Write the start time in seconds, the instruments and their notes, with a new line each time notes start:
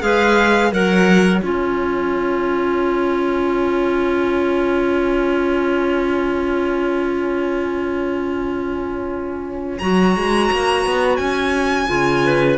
0.00 cello G#3, clarinet G#4 B4, violin F5
0.71 cello F#3, clarinet A#4 C#5, violin F#5
1.40 cello C#4, clarinet F4, violin G#5
9.79 cello F#3, clarinet F#4, violin A#5
10.16 cello G#3
10.51 cello A#3
10.85 cello B3
11.16 cello C#4, violin G#5
11.87 cello C#3, clarinet F4
12.25 clarinet B4